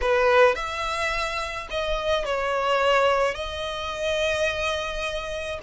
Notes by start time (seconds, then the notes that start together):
0.01 B4
0.55 E5
1.70 D#5
2.25 C#5
3.34 D#5